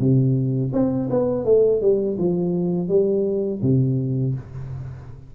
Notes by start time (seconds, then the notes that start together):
0.00 C3
0.73 C4
1.10 B3
1.45 A3
1.81 G3
2.18 F3
2.88 G3
3.62 C3